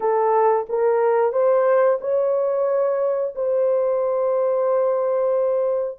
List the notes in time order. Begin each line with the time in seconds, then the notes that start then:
0.00 A4
0.69 A#4
1.32 C5
2.01 C#5
3.35 C5